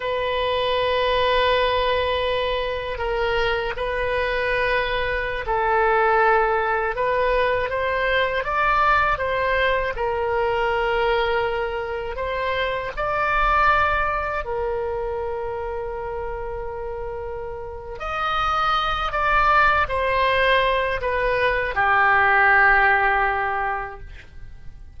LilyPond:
\new Staff \with { instrumentName = "oboe" } { \time 4/4 \tempo 4 = 80 b'1 | ais'4 b'2~ b'16 a'8.~ | a'4~ a'16 b'4 c''4 d''8.~ | d''16 c''4 ais'2~ ais'8.~ |
ais'16 c''4 d''2 ais'8.~ | ais'1 | dis''4. d''4 c''4. | b'4 g'2. | }